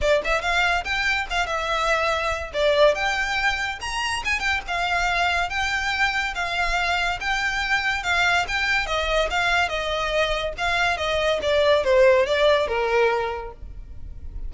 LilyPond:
\new Staff \with { instrumentName = "violin" } { \time 4/4 \tempo 4 = 142 d''8 e''8 f''4 g''4 f''8 e''8~ | e''2 d''4 g''4~ | g''4 ais''4 gis''8 g''8 f''4~ | f''4 g''2 f''4~ |
f''4 g''2 f''4 | g''4 dis''4 f''4 dis''4~ | dis''4 f''4 dis''4 d''4 | c''4 d''4 ais'2 | }